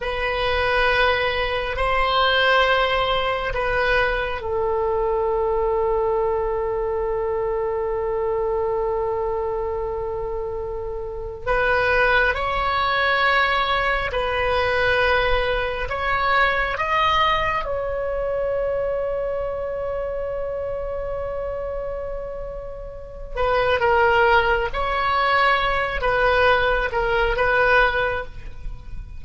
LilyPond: \new Staff \with { instrumentName = "oboe" } { \time 4/4 \tempo 4 = 68 b'2 c''2 | b'4 a'2.~ | a'1~ | a'4 b'4 cis''2 |
b'2 cis''4 dis''4 | cis''1~ | cis''2~ cis''8 b'8 ais'4 | cis''4. b'4 ais'8 b'4 | }